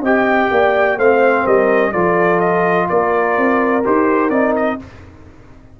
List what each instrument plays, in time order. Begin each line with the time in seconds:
0.00 tuba C4, trombone G4, horn D#5, trumpet G5
0.51 tuba A#3, horn D5
0.97 tuba A3, trombone C4, horn C5, trumpet F5
1.44 tuba G3, horn A#4, trumpet D#5
1.92 tuba F3, trombone F4, horn A4, trumpet D5
2.39 trumpet D#5
2.88 tuba A#3, horn A#4, trumpet D5
3.37 tuba C4
3.84 tuba D#4, trombone G4, trumpet C5
4.29 tuba C4, trombone D#4, trumpet D5
4.55 trumpet D#5